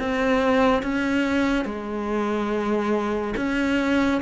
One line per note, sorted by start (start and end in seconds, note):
0.00 0.83 C4
0.83 1.66 C#4
1.66 3.35 G#3
3.37 4.21 C#4